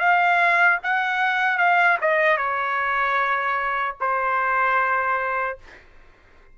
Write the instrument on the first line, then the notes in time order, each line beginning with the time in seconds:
trumpet
0.00 F5
0.84 F#5
1.58 F5
2.02 D#5
2.38 C#5
4.01 C5